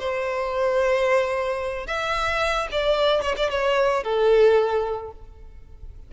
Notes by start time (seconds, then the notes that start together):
0.00 C5
1.87 E5
2.72 D5
3.22 C#5
3.37 D5
3.50 C#5
4.04 A4